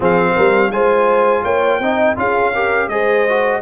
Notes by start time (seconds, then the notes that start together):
0.00 F3 C4 G#4 F5
0.35 G3 A#4
0.71 G#3 F4 C5 G#5
1.43 A#3 C#5 G5
1.79 C4 D#4 D#5
2.16 C#4 F4 G#4 F5
2.54 G4 A#4
2.87 G#3 G#4 C5 D#5
3.28 F#4